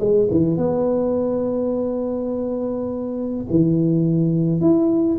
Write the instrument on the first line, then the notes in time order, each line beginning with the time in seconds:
tuba
0.00 G#3
0.31 E3
0.57 B3
3.50 E3
4.61 E4